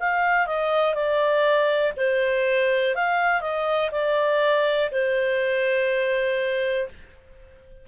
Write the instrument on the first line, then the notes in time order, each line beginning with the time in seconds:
clarinet
0.00 F5
0.47 D#5
0.95 D5
1.97 C5
2.95 F5
3.41 D#5
3.92 D5
4.92 C5